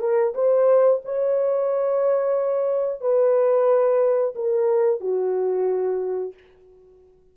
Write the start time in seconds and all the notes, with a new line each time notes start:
0.00 A#4
0.34 C5
1.05 C#5
3.01 B4
4.35 A#4
5.00 F#4